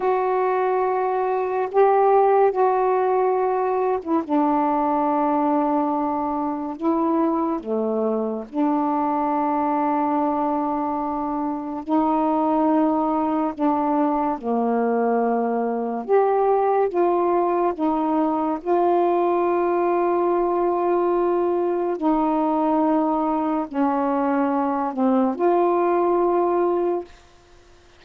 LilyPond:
\new Staff \with { instrumentName = "saxophone" } { \time 4/4 \tempo 4 = 71 fis'2 g'4 fis'4~ | fis'8. e'16 d'2. | e'4 a4 d'2~ | d'2 dis'2 |
d'4 ais2 g'4 | f'4 dis'4 f'2~ | f'2 dis'2 | cis'4. c'8 f'2 | }